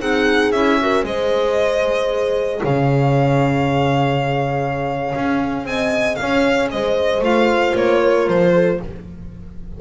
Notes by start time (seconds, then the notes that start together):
0.00 C4 D#4 G#4 F#5
0.52 C#4 E4 E5
0.81 F#4 A#4
1.04 G#3 G#4 C5 D#5
2.62 C#3 C#5 F5
5.15 C#4
5.65 C4 D#5 G#5
6.16 C#4 C#5 F5
6.71 G#3 C5 D#5
7.21 A3 F4 F5
7.76 A#3 C#5
8.04 A#4
8.28 F3 C5
8.54 A4